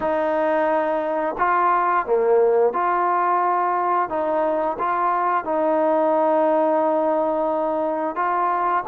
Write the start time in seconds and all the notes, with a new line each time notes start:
0.00 D#4
1.38 F4
2.05 A#3
2.73 F4
4.09 D#4
4.79 F4
5.44 D#4
8.15 F4